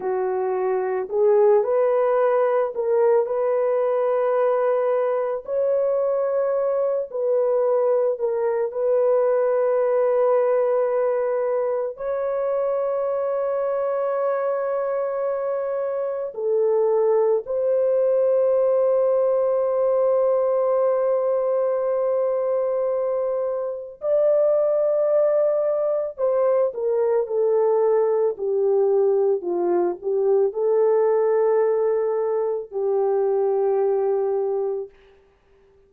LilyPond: \new Staff \with { instrumentName = "horn" } { \time 4/4 \tempo 4 = 55 fis'4 gis'8 b'4 ais'8 b'4~ | b'4 cis''4. b'4 ais'8 | b'2. cis''4~ | cis''2. a'4 |
c''1~ | c''2 d''2 | c''8 ais'8 a'4 g'4 f'8 g'8 | a'2 g'2 | }